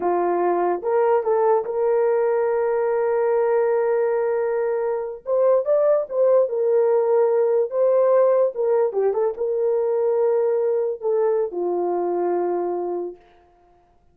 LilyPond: \new Staff \with { instrumentName = "horn" } { \time 4/4 \tempo 4 = 146 f'2 ais'4 a'4 | ais'1~ | ais'1~ | ais'8. c''4 d''4 c''4 ais'16~ |
ais'2~ ais'8. c''4~ c''16~ | c''8. ais'4 g'8 a'8 ais'4~ ais'16~ | ais'2~ ais'8. a'4~ a'16 | f'1 | }